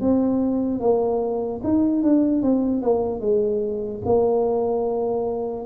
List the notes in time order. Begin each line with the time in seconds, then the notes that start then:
0.00 C4
0.80 A#3
1.63 D#4
2.03 D4
2.42 C4
2.82 A#3
3.20 G#3
4.05 A#3